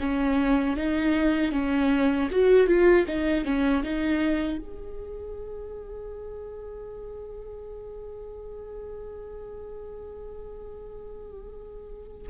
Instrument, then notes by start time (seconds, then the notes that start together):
viola
0.00 C#4
0.77 D#4
1.52 C#4
2.31 F#4
2.67 F4
3.08 D#4
3.45 C#4
3.84 D#4
4.58 G#4